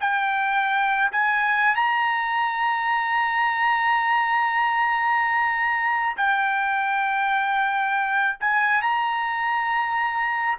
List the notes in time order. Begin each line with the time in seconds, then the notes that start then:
0.00 G5
1.11 G#5
1.75 A#5
6.17 G5
8.40 G#5
8.82 A#5